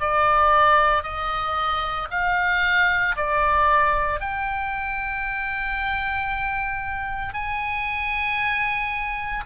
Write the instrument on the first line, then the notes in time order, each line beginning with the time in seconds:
oboe
0.00 D5
1.03 D#5
2.11 F5
3.17 D5
4.21 G5
7.34 G#5